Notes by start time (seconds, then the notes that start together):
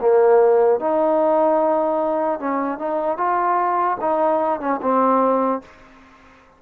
0.00 A#3
0.80 D#4
2.39 C#4
2.78 D#4
3.17 F4
4.01 D#4
4.60 C#4
4.82 C4